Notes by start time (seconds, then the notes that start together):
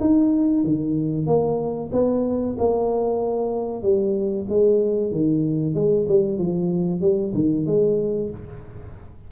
0.00 D#4
0.64 D#3
1.26 A#3
1.92 B3
2.58 A#3
3.82 G3
4.49 G#3
5.11 D#3
5.74 G#3
6.08 G3
6.38 F3
7.01 G3
7.34 D#3
7.66 G#3